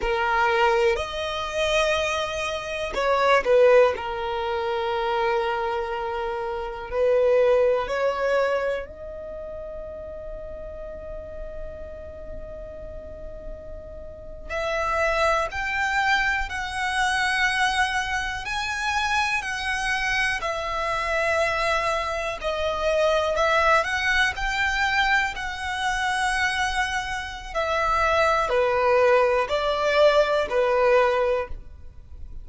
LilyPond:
\new Staff \with { instrumentName = "violin" } { \time 4/4 \tempo 4 = 61 ais'4 dis''2 cis''8 b'8 | ais'2. b'4 | cis''4 dis''2.~ | dis''2~ dis''8. e''4 g''16~ |
g''8. fis''2 gis''4 fis''16~ | fis''8. e''2 dis''4 e''16~ | e''16 fis''8 g''4 fis''2~ fis''16 | e''4 b'4 d''4 b'4 | }